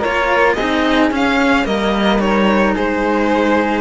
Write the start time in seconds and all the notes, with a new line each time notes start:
0.00 F4 A#4 C#5
0.06 A#3
0.54 C4 G#4 D#5
0.61 D#4
1.11 C#4 F5
1.65 G3 A#3 A#4 D#5
2.20 D#4 C#5
2.75 G#3 G#4 C5